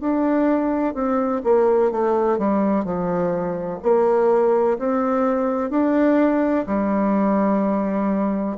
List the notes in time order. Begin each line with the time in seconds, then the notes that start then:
0.00 D4
0.94 C4
1.44 A#3
1.91 A3
2.38 G3
2.85 F3
3.83 A#3
4.79 C4
5.70 D4
6.67 G3